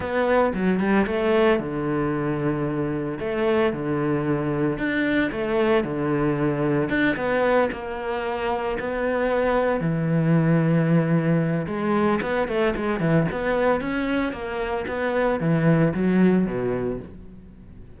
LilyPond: \new Staff \with { instrumentName = "cello" } { \time 4/4 \tempo 4 = 113 b4 fis8 g8 a4 d4~ | d2 a4 d4~ | d4 d'4 a4 d4~ | d4 d'8 b4 ais4.~ |
ais8 b2 e4.~ | e2 gis4 b8 a8 | gis8 e8 b4 cis'4 ais4 | b4 e4 fis4 b,4 | }